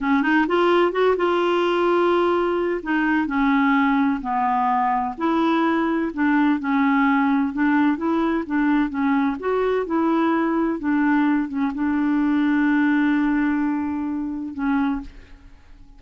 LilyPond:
\new Staff \with { instrumentName = "clarinet" } { \time 4/4 \tempo 4 = 128 cis'8 dis'8 f'4 fis'8 f'4.~ | f'2 dis'4 cis'4~ | cis'4 b2 e'4~ | e'4 d'4 cis'2 |
d'4 e'4 d'4 cis'4 | fis'4 e'2 d'4~ | d'8 cis'8 d'2.~ | d'2. cis'4 | }